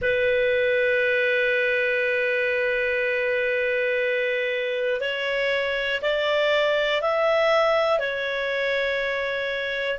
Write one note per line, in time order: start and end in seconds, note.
0.01 5.00 B4
5.00 6.00 C#5
6.01 7.01 D5
7.01 7.99 E5
7.99 9.99 C#5